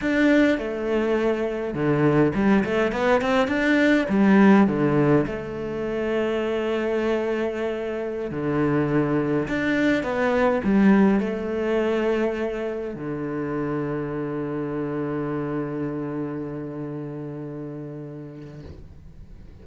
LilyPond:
\new Staff \with { instrumentName = "cello" } { \time 4/4 \tempo 4 = 103 d'4 a2 d4 | g8 a8 b8 c'8 d'4 g4 | d4 a2.~ | a2~ a16 d4.~ d16~ |
d16 d'4 b4 g4 a8.~ | a2~ a16 d4.~ d16~ | d1~ | d1 | }